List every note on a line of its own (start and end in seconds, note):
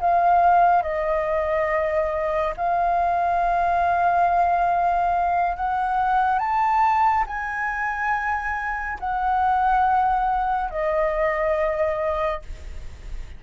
0.00 0.83 F5
0.83 2.54 D#5
2.57 5.56 F5
5.56 6.39 F#5
6.39 7.25 A5
7.27 8.98 G#5
9.00 10.71 F#5
10.71 12.42 D#5